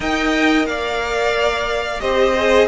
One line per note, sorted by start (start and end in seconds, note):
0.00 0.65 D#4
0.00 2.00 A#4
0.00 0.66 D#5
0.00 0.66 G5
0.65 2.00 A#3
0.65 2.01 D5
0.65 2.00 F5
2.00 2.68 C4
2.00 2.34 G4
2.00 2.68 C5
2.00 2.67 D#5
2.37 2.68 G#4